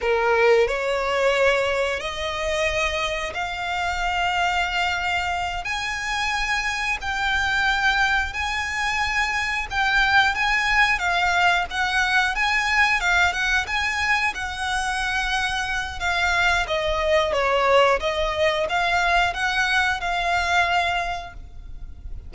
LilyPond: \new Staff \with { instrumentName = "violin" } { \time 4/4 \tempo 4 = 90 ais'4 cis''2 dis''4~ | dis''4 f''2.~ | f''8 gis''2 g''4.~ | g''8 gis''2 g''4 gis''8~ |
gis''8 f''4 fis''4 gis''4 f''8 | fis''8 gis''4 fis''2~ fis''8 | f''4 dis''4 cis''4 dis''4 | f''4 fis''4 f''2 | }